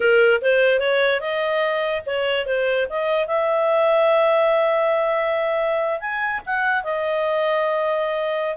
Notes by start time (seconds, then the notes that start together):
0.00 A#4
0.41 C5
0.79 C#5
1.20 D#5
2.06 C#5
2.46 C5
2.89 D#5
3.27 E5
6.00 G#5
6.46 F#5
6.83 D#5